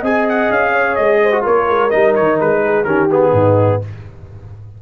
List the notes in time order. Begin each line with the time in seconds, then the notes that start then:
0.00 C4 G#4 D#5 G#5
0.29 F#5
0.50 C#4 F5
0.72 C#5
0.95 G#3 D#5
1.22 C5
1.32 F#4
1.43 A#3 F4 A#4 C#5
1.69 G#3
1.90 G3 D#4 D#5
2.15 D#3 C#5
2.40 G#3 B4
2.65 G#4
2.84 D#3 C#4 G4 A#4
3.10 B3 G#4
3.32 G#2 D#4